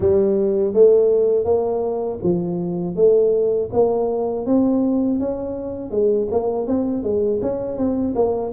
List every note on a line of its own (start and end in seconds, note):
0.00 0.73 G3
0.73 1.44 A3
1.44 2.19 A#3
2.22 2.95 F3
2.95 3.69 A3
3.72 4.45 A#3
4.45 5.19 C4
5.19 5.91 C#4
5.91 6.28 G#3
6.31 6.67 A#3
6.67 7.03 C4
7.03 7.40 G#3
7.41 7.77 C#4
7.77 8.14 C4
8.15 8.52 A#3